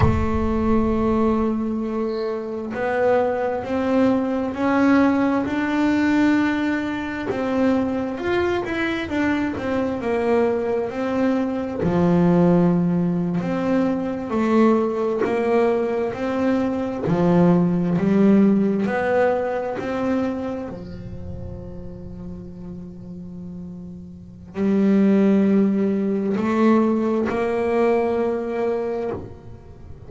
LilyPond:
\new Staff \with { instrumentName = "double bass" } { \time 4/4 \tempo 4 = 66 a2. b4 | c'4 cis'4 d'2 | c'4 f'8 e'8 d'8 c'8 ais4 | c'4 f4.~ f16 c'4 a16~ |
a8. ais4 c'4 f4 g16~ | g8. b4 c'4 f4~ f16~ | f2. g4~ | g4 a4 ais2 | }